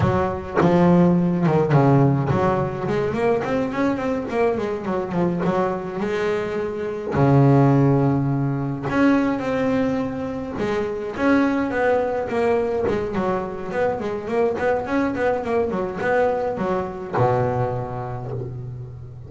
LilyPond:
\new Staff \with { instrumentName = "double bass" } { \time 4/4 \tempo 4 = 105 fis4 f4. dis8 cis4 | fis4 gis8 ais8 c'8 cis'8 c'8 ais8 | gis8 fis8 f8 fis4 gis4.~ | gis8 cis2. cis'8~ |
cis'8 c'2 gis4 cis'8~ | cis'8 b4 ais4 gis8 fis4 | b8 gis8 ais8 b8 cis'8 b8 ais8 fis8 | b4 fis4 b,2 | }